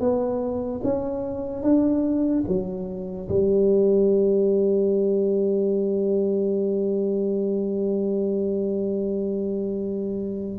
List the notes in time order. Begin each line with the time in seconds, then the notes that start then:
0.00 B3
0.84 C#4
1.63 D4
2.48 F#3
3.29 G3